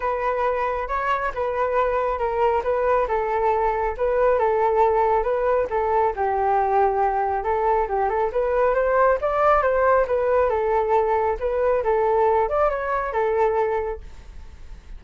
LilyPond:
\new Staff \with { instrumentName = "flute" } { \time 4/4 \tempo 4 = 137 b'2 cis''4 b'4~ | b'4 ais'4 b'4 a'4~ | a'4 b'4 a'2 | b'4 a'4 g'2~ |
g'4 a'4 g'8 a'8 b'4 | c''4 d''4 c''4 b'4 | a'2 b'4 a'4~ | a'8 d''8 cis''4 a'2 | }